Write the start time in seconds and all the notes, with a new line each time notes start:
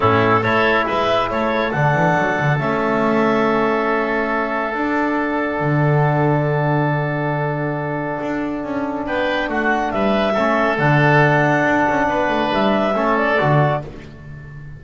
0.00 A2 C#4 E4 A4
0.41 A3 E4 A4 C#5
0.86 G#3 B4 E5
1.29 A3 A4 C#5
1.71 D3 D4 F#5
1.94 E3
2.17 F#3
2.39 D3
2.59 A3 C#4 E5
4.73 D4 F#5
5.60 D3
8.21 D4
8.63 C#4
9.05 B3 B4 G5
9.48 A3 F#4 F#5
9.91 G3 B4 E5
10.33 A3 C#4 A4
10.78 D3 D4 F#5
11.65 D4
11.88 C#4
12.07 B3 B4
12.28 A3
12.52 G3 E5
12.94 A3 C#4 A4
13.17 D5
13.38 D3 F#4